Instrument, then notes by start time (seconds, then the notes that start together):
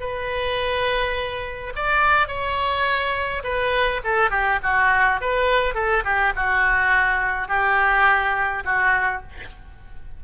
oboe
0.00 B4
1.75 D5
2.27 C#5
3.44 B4
4.04 A4
4.31 G4
4.63 F#4
5.21 B4
5.75 A4
6.04 G4
6.36 F#4
7.48 G4
8.65 F#4